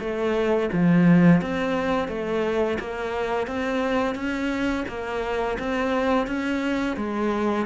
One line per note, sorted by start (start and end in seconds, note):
0.00 0.70 A3
0.73 1.41 F3
1.41 2.09 C4
2.09 2.78 A3
2.80 3.47 A#3
3.47 4.15 C4
4.15 4.85 C#4
4.88 5.58 A#3
5.59 6.27 C4
6.27 6.97 C#4
6.97 7.66 G#3